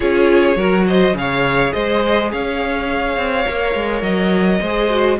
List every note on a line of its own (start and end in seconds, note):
0.00 0.56 C#4
0.00 0.55 F4
0.00 0.57 G#4
0.00 0.86 C#5
0.56 1.13 F#3
0.56 1.15 F#4
0.56 0.86 A#4
0.87 1.16 C5
0.87 1.16 D#5
1.13 1.71 C#3
1.13 3.45 G#4
1.13 1.73 F5
1.20 1.73 C#5
1.73 2.32 G#3
1.73 2.31 C5
1.73 2.30 D#5
2.32 3.16 C#4
2.32 4.61 C#5
2.32 4.02 F5
3.16 3.45 C4
3.46 3.74 A#3
3.46 4.61 A#4
3.74 4.02 G#3
4.02 4.59 F#3
4.02 5.17 D#5
4.61 5.19 G#3
4.61 4.90 G#4
4.61 5.18 C5
4.90 5.18 F#4